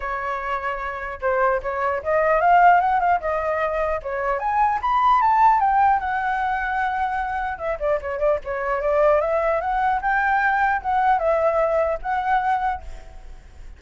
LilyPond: \new Staff \with { instrumentName = "flute" } { \time 4/4 \tempo 4 = 150 cis''2. c''4 | cis''4 dis''4 f''4 fis''8 f''8 | dis''2 cis''4 gis''4 | b''4 a''4 g''4 fis''4~ |
fis''2. e''8 d''8 | cis''8 d''8 cis''4 d''4 e''4 | fis''4 g''2 fis''4 | e''2 fis''2 | }